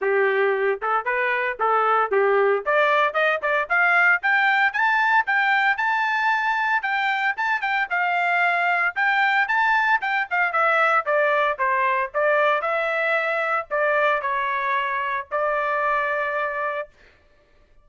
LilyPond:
\new Staff \with { instrumentName = "trumpet" } { \time 4/4 \tempo 4 = 114 g'4. a'8 b'4 a'4 | g'4 d''4 dis''8 d''8 f''4 | g''4 a''4 g''4 a''4~ | a''4 g''4 a''8 g''8 f''4~ |
f''4 g''4 a''4 g''8 f''8 | e''4 d''4 c''4 d''4 | e''2 d''4 cis''4~ | cis''4 d''2. | }